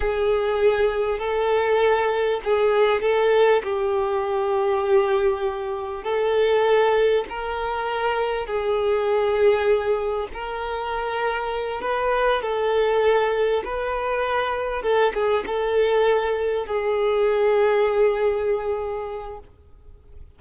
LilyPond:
\new Staff \with { instrumentName = "violin" } { \time 4/4 \tempo 4 = 99 gis'2 a'2 | gis'4 a'4 g'2~ | g'2 a'2 | ais'2 gis'2~ |
gis'4 ais'2~ ais'8 b'8~ | b'8 a'2 b'4.~ | b'8 a'8 gis'8 a'2 gis'8~ | gis'1 | }